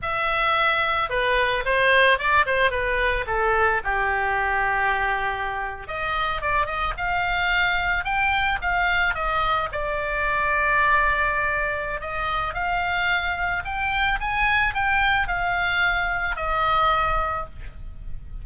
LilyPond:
\new Staff \with { instrumentName = "oboe" } { \time 4/4 \tempo 4 = 110 e''2 b'4 c''4 | d''8 c''8 b'4 a'4 g'4~ | g'2~ g'8. dis''4 d''16~ | d''16 dis''8 f''2 g''4 f''16~ |
f''8. dis''4 d''2~ d''16~ | d''2 dis''4 f''4~ | f''4 g''4 gis''4 g''4 | f''2 dis''2 | }